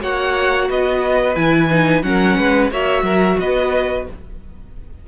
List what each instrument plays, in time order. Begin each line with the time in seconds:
0.00 cello A#3, viola F#4, violin C#5 F#5
0.69 cello B3, violin B4 D#5
1.35 cello E3, viola E4, violin G#5
1.70 viola D#4
2.02 cello F#3, viola C#4, violin A#4 F#5
2.37 cello G#3, violin B4
2.71 cello A#3, viola F#4, violin C#5 E5
3.03 cello F#3, violin A#4
3.39 cello B3, violin B4 D#5